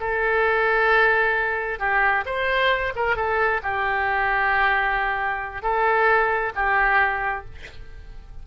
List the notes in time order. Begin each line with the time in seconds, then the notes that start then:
0.00 A4
1.79 G4
2.26 C5
2.95 A#4
3.16 A4
3.63 G4
5.62 A4
6.55 G4